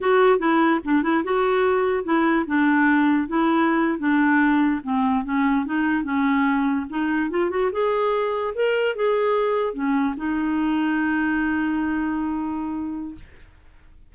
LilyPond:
\new Staff \with { instrumentName = "clarinet" } { \time 4/4 \tempo 4 = 146 fis'4 e'4 d'8 e'8 fis'4~ | fis'4 e'4 d'2 | e'4.~ e'16 d'2 c'16~ | c'8. cis'4 dis'4 cis'4~ cis'16~ |
cis'8. dis'4 f'8 fis'8 gis'4~ gis'16~ | gis'8. ais'4 gis'2 cis'16~ | cis'8. dis'2.~ dis'16~ | dis'1 | }